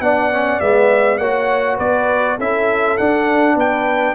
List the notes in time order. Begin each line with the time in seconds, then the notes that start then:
0.00 B3 D4 D5 F#5
0.32 C#4
0.60 G#3 B3 E5
1.18 A#3 F#4 C#5 F#5
1.77 B3 B4 D5
2.37 C#4 E4 A4 E5
2.97 D4 F#5
3.55 B3 B4 G5